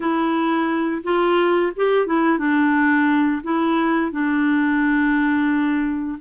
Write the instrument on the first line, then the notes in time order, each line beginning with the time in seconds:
clarinet
0.00 E4
1.03 F4
1.76 G4
2.06 E4
2.38 D4
3.43 E4
4.11 D4